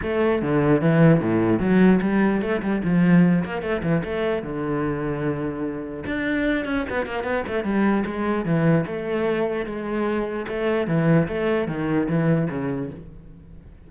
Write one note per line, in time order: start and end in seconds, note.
0.01 0.41 A3
0.41 0.81 D3
0.81 1.20 E3
1.20 1.59 A2
1.59 2.00 F#3
2.01 2.41 G3
2.41 2.61 A3
2.62 2.82 G3
2.84 3.44 F3
3.44 3.61 A#3
3.61 3.82 A3
3.82 4.02 E3
4.04 4.43 A3
4.43 6.04 D3
6.06 6.65 D4
6.65 6.85 C#4
6.89 7.06 B3
7.06 7.23 A#3
7.23 7.43 B3
7.47 7.63 A3
7.63 8.04 G3
8.06 8.45 G#3
8.45 8.85 E3
8.86 9.65 A3
9.65 10.46 G#3
10.48 10.87 A3
10.87 11.27 E3
11.28 11.67 A3
11.67 12.08 D#3
12.08 12.48 E3
12.50 12.90 C#3